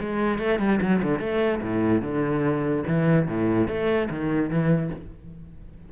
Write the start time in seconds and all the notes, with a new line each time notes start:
0.00 G#3
0.38 A3
0.59 G3
0.81 F#3
1.03 D3
1.19 A3
1.62 A2
2.02 D3
2.87 E3
3.27 A2
3.68 A3
4.10 D#3
4.49 E3